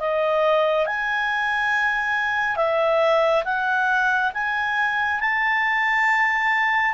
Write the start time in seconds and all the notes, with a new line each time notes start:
0.00 D#5
0.87 G#5
2.57 E5
3.45 F#5
4.34 G#5
5.21 A5